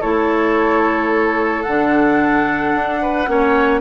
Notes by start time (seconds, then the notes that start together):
0.00 A3 E4 A4 C#5
1.63 D3 D4 F#5
2.74 D4
3.02 B4
3.27 A#3 C#4 C#5